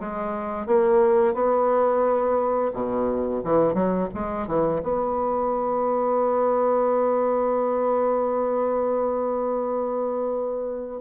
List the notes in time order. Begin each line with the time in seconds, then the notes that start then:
0.00 G#3
0.67 A#3
1.34 B3
2.74 B2
3.44 E3
3.74 F#3
4.14 G#3
4.47 E3
4.83 B3